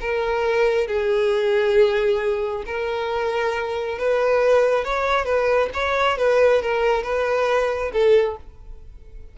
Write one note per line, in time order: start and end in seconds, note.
0.00 0.87 A#4
0.87 2.64 G#4
2.66 3.98 A#4
3.98 4.84 B4
4.84 5.25 C#5
5.25 5.69 B4
5.74 6.18 C#5
6.18 6.62 B4
6.62 7.03 A#4
7.03 7.91 B4
7.93 8.37 A4